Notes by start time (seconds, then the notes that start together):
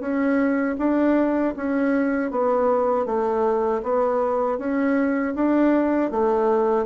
0.00 C#4
0.78 D4
1.56 C#4
2.31 B3
3.06 A3
3.83 B3
4.58 C#4
5.35 D4
6.11 A3